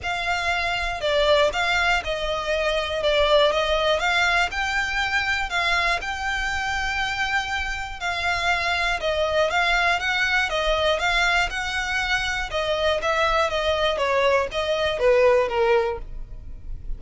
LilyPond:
\new Staff \with { instrumentName = "violin" } { \time 4/4 \tempo 4 = 120 f''2 d''4 f''4 | dis''2 d''4 dis''4 | f''4 g''2 f''4 | g''1 |
f''2 dis''4 f''4 | fis''4 dis''4 f''4 fis''4~ | fis''4 dis''4 e''4 dis''4 | cis''4 dis''4 b'4 ais'4 | }